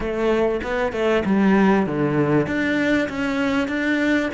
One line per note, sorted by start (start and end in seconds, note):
0.00 0.60 A3
0.63 0.92 B3
0.92 1.23 A3
1.25 1.86 G3
1.86 2.46 D3
2.46 3.08 D4
3.08 3.68 C#4
3.68 4.30 D4